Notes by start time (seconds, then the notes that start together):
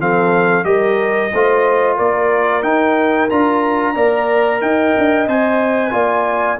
0.00 F3 C4 A4 F5
0.64 G3 G4 A#4 D#5
1.34 A3 F4 C5
1.97 A#3 A#4 D5
2.63 D#4 G5
3.30 D4 F4 A#5
3.95 A#3 A#4 D5
4.62 D#4 D#5 G5
4.98 D4
5.28 C4 C5 G#5
5.91 A#3 F4 D5